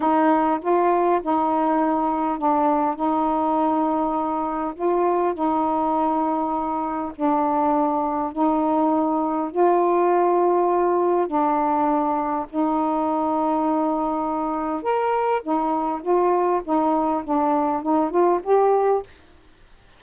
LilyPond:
\new Staff \with { instrumentName = "saxophone" } { \time 4/4 \tempo 4 = 101 dis'4 f'4 dis'2 | d'4 dis'2. | f'4 dis'2. | d'2 dis'2 |
f'2. d'4~ | d'4 dis'2.~ | dis'4 ais'4 dis'4 f'4 | dis'4 d'4 dis'8 f'8 g'4 | }